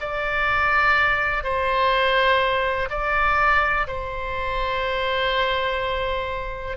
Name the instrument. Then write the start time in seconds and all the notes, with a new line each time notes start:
oboe
0.00 D5
1.43 C5
2.90 D5
3.87 C5